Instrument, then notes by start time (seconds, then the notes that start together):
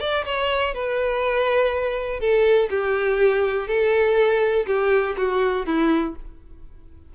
violin
0.00 D5
0.25 C#5
0.74 B4
2.20 A4
2.70 G4
3.68 A4
4.66 G4
5.17 F#4
5.66 E4